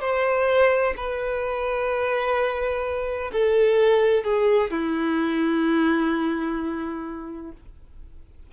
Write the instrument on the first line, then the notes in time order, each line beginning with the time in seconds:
violin
0.00 C5
0.96 B4
3.32 A4
4.24 G#4
4.70 E4